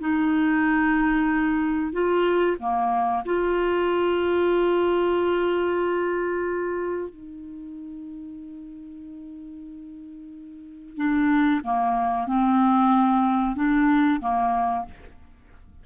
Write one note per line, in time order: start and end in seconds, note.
0.00 1.93 D#4
1.93 2.57 F4
2.60 3.24 A#3
3.26 7.10 F4
7.10 10.97 D#4
10.97 11.61 D4
11.64 12.27 A#3
12.27 13.56 C4
13.56 14.21 D4
14.21 14.85 A#3